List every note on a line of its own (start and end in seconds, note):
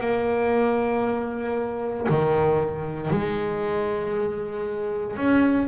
0.00 2.07 A#3
2.09 3.10 D#3
3.10 5.16 G#3
5.16 5.67 C#4